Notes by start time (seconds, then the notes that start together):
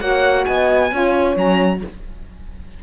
0.00 A#3 F#4 C#5 F#5
0.45 B3 D#5 G#5
0.91 C#4 F4 C#5
1.35 F#3 C#4 A#5